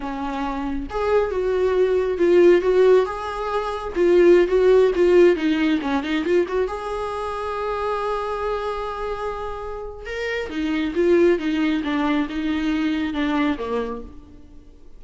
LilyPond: \new Staff \with { instrumentName = "viola" } { \time 4/4 \tempo 4 = 137 cis'2 gis'4 fis'4~ | fis'4 f'4 fis'4 gis'4~ | gis'4 f'4~ f'16 fis'4 f'8.~ | f'16 dis'4 cis'8 dis'8 f'8 fis'8 gis'8.~ |
gis'1~ | gis'2. ais'4 | dis'4 f'4 dis'4 d'4 | dis'2 d'4 ais4 | }